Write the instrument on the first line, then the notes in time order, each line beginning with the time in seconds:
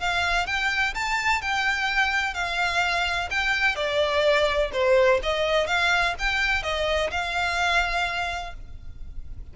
violin
0.00 F5
0.47 G5
0.95 A5
1.42 G5
2.34 F5
3.31 G5
3.76 D5
4.73 C5
5.23 D#5
5.67 F5
6.19 G5
6.63 D#5
7.11 F5